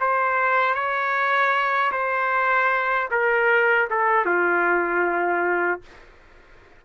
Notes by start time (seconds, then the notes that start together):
0.00 C5
0.74 C#5
1.92 C5
3.11 A#4
3.90 A4
4.25 F4